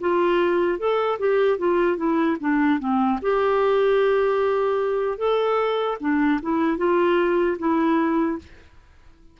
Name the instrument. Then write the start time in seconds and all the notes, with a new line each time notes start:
clarinet
0.00 F4
0.78 A4
1.19 G4
1.58 F4
1.97 E4
2.40 D4
2.79 C4
3.21 G4
5.17 A4
6.00 D4
6.42 E4
6.77 F4
7.59 E4